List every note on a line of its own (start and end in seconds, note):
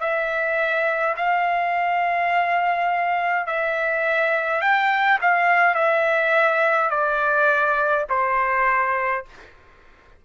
0.00 1.15 E5
1.16 3.47 F5
3.47 4.61 E5
4.61 5.19 G5
5.21 5.75 F5
5.75 6.90 E5
6.90 8.05 D5
8.09 9.25 C5